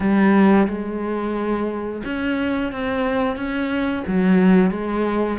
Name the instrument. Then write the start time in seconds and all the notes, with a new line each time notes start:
cello
0.00 G3
0.67 G#3
2.04 C#4
2.72 C4
3.36 C#4
4.07 F#3
4.70 G#3